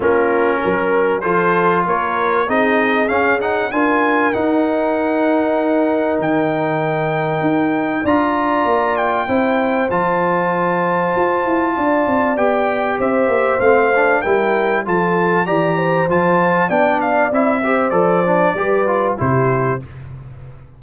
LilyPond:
<<
  \new Staff \with { instrumentName = "trumpet" } { \time 4/4 \tempo 4 = 97 ais'2 c''4 cis''4 | dis''4 f''8 fis''8 gis''4 fis''4~ | fis''2 g''2~ | g''4 ais''4. g''4. |
a''1 | g''4 e''4 f''4 g''4 | a''4 ais''4 a''4 g''8 f''8 | e''4 d''2 c''4 | }
  \new Staff \with { instrumentName = "horn" } { \time 4/4 f'4 ais'4 a'4 ais'4 | gis'2 ais'2~ | ais'1~ | ais'4 d''2 c''4~ |
c''2. d''4~ | d''4 c''2 ais'4 | a'4 d''8 c''4. d''4~ | d''8 c''4. b'4 g'4 | }
  \new Staff \with { instrumentName = "trombone" } { \time 4/4 cis'2 f'2 | dis'4 cis'8 dis'8 f'4 dis'4~ | dis'1~ | dis'4 f'2 e'4 |
f'1 | g'2 c'8 d'8 e'4 | f'4 g'4 f'4 d'4 | e'8 g'8 a'8 d'8 g'8 f'8 e'4 | }
  \new Staff \with { instrumentName = "tuba" } { \time 4/4 ais4 fis4 f4 ais4 | c'4 cis'4 d'4 dis'4~ | dis'2 dis2 | dis'4 d'4 ais4 c'4 |
f2 f'8 e'8 d'8 c'8 | b4 c'8 ais8 a4 g4 | f4 e4 f4 b4 | c'4 f4 g4 c4 | }
>>